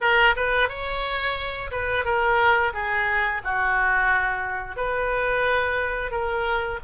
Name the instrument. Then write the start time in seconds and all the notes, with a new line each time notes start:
oboe
0.00 A#4
0.36 B4
0.68 C#5
1.71 B4
2.05 A#4
2.73 G#4
3.44 F#4
4.76 B4
6.11 A#4